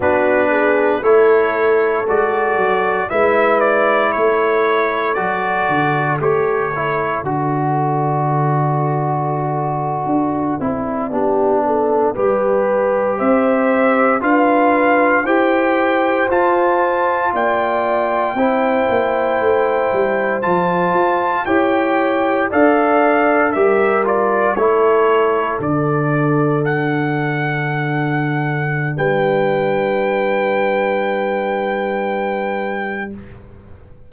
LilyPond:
<<
  \new Staff \with { instrumentName = "trumpet" } { \time 4/4 \tempo 4 = 58 b'4 cis''4 d''4 e''8 d''8 | cis''4 d''4 cis''4 d''4~ | d''1~ | d''8. e''4 f''4 g''4 a''16~ |
a''8. g''2. a''16~ | a''8. g''4 f''4 e''8 d''8 cis''16~ | cis''8. d''4 fis''2~ fis''16 | g''1 | }
  \new Staff \with { instrumentName = "horn" } { \time 4/4 fis'8 gis'8 a'2 b'4 | a'1~ | a'2~ a'8. g'8 a'8 b'16~ | b'8. c''4 b'4 c''4~ c''16~ |
c''8. d''4 c''2~ c''16~ | c''8. cis''4 d''4 ais'4 a'16~ | a'1 | b'1 | }
  \new Staff \with { instrumentName = "trombone" } { \time 4/4 d'4 e'4 fis'4 e'4~ | e'4 fis'4 g'8 e'8 fis'4~ | fis'2~ fis'16 e'8 d'4 g'16~ | g'4.~ g'16 f'4 g'4 f'16~ |
f'4.~ f'16 e'2 f'16~ | f'8. g'4 a'4 g'8 f'8 e'16~ | e'8. d'2.~ d'16~ | d'1 | }
  \new Staff \with { instrumentName = "tuba" } { \time 4/4 b4 a4 gis8 fis8 gis4 | a4 fis8 d8 a4 d4~ | d4.~ d16 d'8 c'8 b4 g16~ | g8. c'4 d'4 e'4 f'16~ |
f'8. ais4 c'8 ais8 a8 g8 f16~ | f16 f'8 e'4 d'4 g4 a16~ | a8. d2.~ d16 | g1 | }
>>